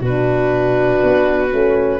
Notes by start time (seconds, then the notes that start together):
0.00 B2 D4 F#4 B4
1.03 B3
1.51 A3 C#4